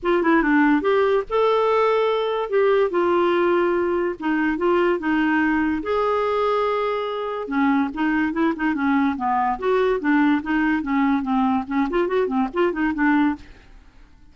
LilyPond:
\new Staff \with { instrumentName = "clarinet" } { \time 4/4 \tempo 4 = 144 f'8 e'8 d'4 g'4 a'4~ | a'2 g'4 f'4~ | f'2 dis'4 f'4 | dis'2 gis'2~ |
gis'2 cis'4 dis'4 | e'8 dis'8 cis'4 b4 fis'4 | d'4 dis'4 cis'4 c'4 | cis'8 f'8 fis'8 c'8 f'8 dis'8 d'4 | }